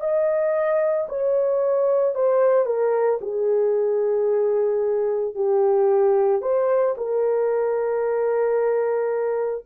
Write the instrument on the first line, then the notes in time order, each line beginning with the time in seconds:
horn
0.00 D#5
1.09 C#5
2.15 C5
2.66 A#4
3.21 G#4
5.35 G4
6.42 C5
6.97 A#4